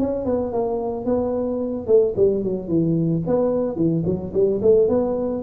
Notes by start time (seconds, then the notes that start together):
0.00 C#4
0.26 B3
0.53 A#3
1.06 B3
1.87 A3
2.17 G3
2.44 F#3
2.69 E3
3.27 B3
3.76 E3
4.06 F#3
4.34 G3
4.63 A3
4.89 B3